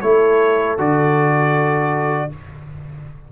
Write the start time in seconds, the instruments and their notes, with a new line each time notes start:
0.00 tuba A3, trombone E4, horn A4, trumpet C#5
0.78 tuba D3, trombone F#4, trumpet D5